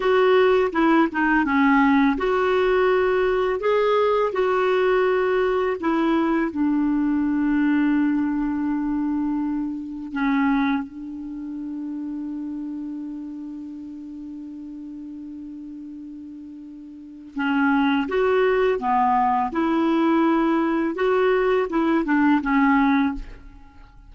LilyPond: \new Staff \with { instrumentName = "clarinet" } { \time 4/4 \tempo 4 = 83 fis'4 e'8 dis'8 cis'4 fis'4~ | fis'4 gis'4 fis'2 | e'4 d'2.~ | d'2 cis'4 d'4~ |
d'1~ | d'1 | cis'4 fis'4 b4 e'4~ | e'4 fis'4 e'8 d'8 cis'4 | }